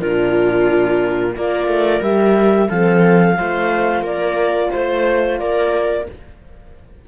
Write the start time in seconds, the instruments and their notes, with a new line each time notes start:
0.00 cello A#2, horn D4, viola F4, clarinet A#4
1.35 cello A#3, horn F4, viola A#4, clarinet D5
1.67 cello A3
2.01 cello G3, horn G4, clarinet E5
2.69 cello F3, horn C4, viola A4, clarinet F5
3.36 cello A3, horn F4, viola C5
4.02 cello A#3, viola A#4, clarinet D5
4.72 cello A3, clarinet C5, viola C5
5.39 cello A#3, viola A#4, clarinet D5